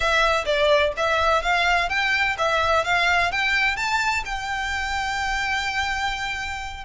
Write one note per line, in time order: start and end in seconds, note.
0.00 0.44 E5
0.45 0.93 D5
0.96 1.42 E5
1.42 1.89 F5
1.89 2.36 G5
2.38 2.84 E5
2.84 3.31 F5
3.31 3.76 G5
3.76 4.23 A5
4.25 6.84 G5